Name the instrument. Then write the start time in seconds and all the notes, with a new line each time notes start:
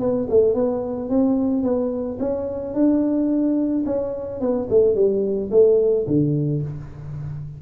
tuba
0.00 B3
0.30 A3
0.55 B3
1.10 C4
1.64 B3
2.20 C#4
2.75 D4
3.86 C#4
4.41 B3
4.70 A3
4.95 G3
5.51 A3
6.07 D3